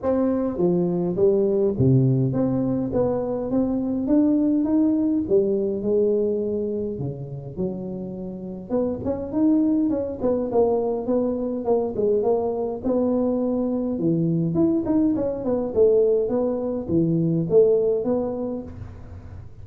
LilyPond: \new Staff \with { instrumentName = "tuba" } { \time 4/4 \tempo 4 = 103 c'4 f4 g4 c4 | c'4 b4 c'4 d'4 | dis'4 g4 gis2 | cis4 fis2 b8 cis'8 |
dis'4 cis'8 b8 ais4 b4 | ais8 gis8 ais4 b2 | e4 e'8 dis'8 cis'8 b8 a4 | b4 e4 a4 b4 | }